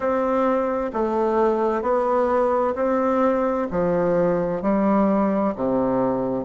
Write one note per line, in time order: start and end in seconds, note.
0.00 0.91 C4
0.93 1.82 A3
1.82 2.74 B3
2.75 3.67 C4
3.70 4.62 F3
4.62 5.54 G3
5.56 6.44 C3